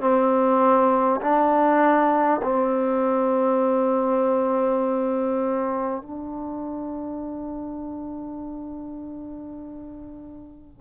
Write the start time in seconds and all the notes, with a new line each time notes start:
0.00 C4
1.20 D4
2.42 C4
6.02 D4